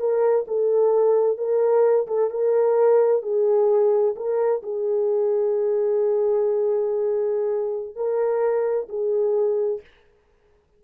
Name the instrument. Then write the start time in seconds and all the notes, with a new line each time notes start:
horn
0.00 A#4
0.48 A4
1.38 A#4
2.08 A4
2.31 A#4
3.23 G#4
4.16 A#4
4.63 G#4
7.96 A#4
8.89 G#4